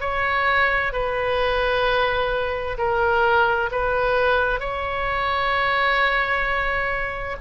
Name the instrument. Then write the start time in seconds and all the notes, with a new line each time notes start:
oboe
0.00 C#5
0.92 B4
2.77 A#4
3.71 B4
4.59 C#5